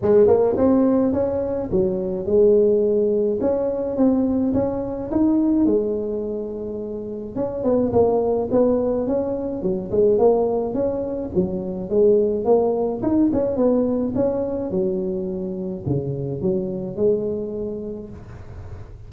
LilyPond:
\new Staff \with { instrumentName = "tuba" } { \time 4/4 \tempo 4 = 106 gis8 ais8 c'4 cis'4 fis4 | gis2 cis'4 c'4 | cis'4 dis'4 gis2~ | gis4 cis'8 b8 ais4 b4 |
cis'4 fis8 gis8 ais4 cis'4 | fis4 gis4 ais4 dis'8 cis'8 | b4 cis'4 fis2 | cis4 fis4 gis2 | }